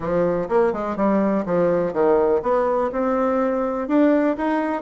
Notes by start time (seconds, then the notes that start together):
0.00 F3
0.48 A#3
0.73 G#3
0.96 G3
1.45 F3
1.93 D#3
2.42 B3
2.92 C4
3.88 D4
4.37 D#4